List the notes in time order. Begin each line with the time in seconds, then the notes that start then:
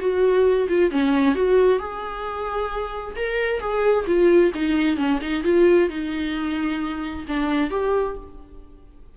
0.00 F#4
0.69 F4
0.91 C#4
1.35 F#4
1.80 G#4
3.16 A#4
3.60 G#4
4.07 F4
4.55 D#4
4.97 C#4
5.21 D#4
5.44 F4
5.90 D#4
7.28 D4
7.71 G4